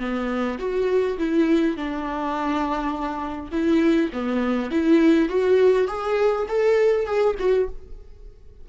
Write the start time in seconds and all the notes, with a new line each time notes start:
0.00 B3
0.59 F#4
1.18 E4
1.77 D4
3.52 E4
4.13 B3
4.71 E4
5.29 F#4
5.88 G#4
6.49 A4
7.06 G#4
7.40 F#4